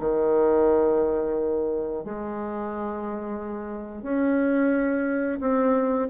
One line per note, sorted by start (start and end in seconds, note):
0.00 2.05 D#3
2.05 4.03 G#3
4.03 5.39 C#4
5.40 6.09 C4